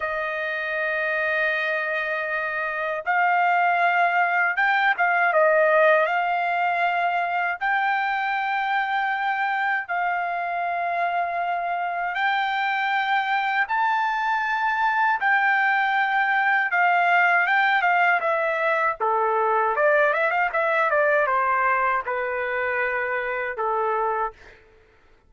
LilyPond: \new Staff \with { instrumentName = "trumpet" } { \time 4/4 \tempo 4 = 79 dis''1 | f''2 g''8 f''8 dis''4 | f''2 g''2~ | g''4 f''2. |
g''2 a''2 | g''2 f''4 g''8 f''8 | e''4 a'4 d''8 e''16 f''16 e''8 d''8 | c''4 b'2 a'4 | }